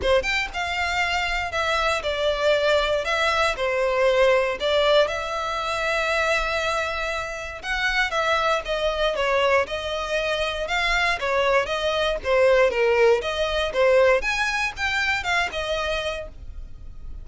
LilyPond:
\new Staff \with { instrumentName = "violin" } { \time 4/4 \tempo 4 = 118 c''8 g''8 f''2 e''4 | d''2 e''4 c''4~ | c''4 d''4 e''2~ | e''2. fis''4 |
e''4 dis''4 cis''4 dis''4~ | dis''4 f''4 cis''4 dis''4 | c''4 ais'4 dis''4 c''4 | gis''4 g''4 f''8 dis''4. | }